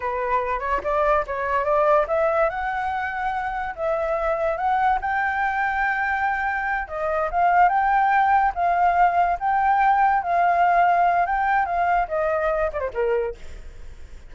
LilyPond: \new Staff \with { instrumentName = "flute" } { \time 4/4 \tempo 4 = 144 b'4. cis''8 d''4 cis''4 | d''4 e''4 fis''2~ | fis''4 e''2 fis''4 | g''1~ |
g''8 dis''4 f''4 g''4.~ | g''8 f''2 g''4.~ | g''8 f''2~ f''8 g''4 | f''4 dis''4. d''16 c''16 ais'4 | }